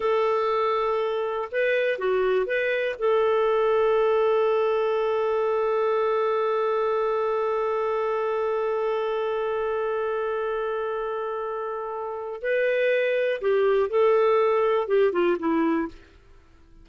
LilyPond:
\new Staff \with { instrumentName = "clarinet" } { \time 4/4 \tempo 4 = 121 a'2. b'4 | fis'4 b'4 a'2~ | a'1~ | a'1~ |
a'1~ | a'1~ | a'4 b'2 g'4 | a'2 g'8 f'8 e'4 | }